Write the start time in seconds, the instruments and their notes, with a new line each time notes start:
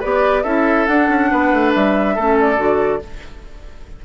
0.00 bassoon B3, clarinet G4, oboe B4, flute D5
0.44 bassoon C#4, clarinet E4, oboe A4, flute E5
0.87 clarinet D4, bassoon D4, flute F#5
1.09 bassoon C#4
1.32 bassoon B3, oboe B4
1.53 bassoon A3
1.74 bassoon G3, flute E5
2.16 bassoon A3, clarinet C#4, oboe A4
2.40 flute D5
2.57 bassoon D3, clarinet F#4